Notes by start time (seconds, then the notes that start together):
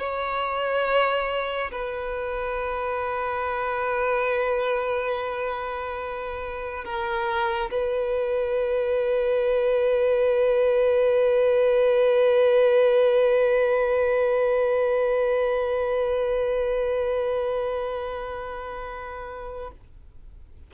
0.00 C#5
1.72 B4
6.85 A#4
7.71 B4